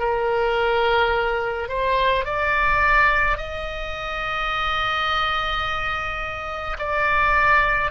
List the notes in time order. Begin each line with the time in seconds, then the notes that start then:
0.00 A#4
1.69 C5
2.25 D5
3.38 D#5
6.79 D5